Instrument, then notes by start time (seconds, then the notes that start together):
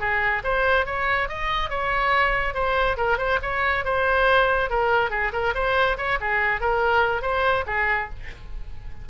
oboe
0.00 G#4
0.44 C5
0.86 C#5
1.29 D#5
1.70 C#5
2.54 C5
2.97 A#4
3.18 C5
3.43 C#5
3.85 C5
4.70 A#4
5.10 G#4
5.33 A#4
5.55 C5
5.98 C#5
6.21 G#4
6.61 A#4
7.22 C5
7.67 G#4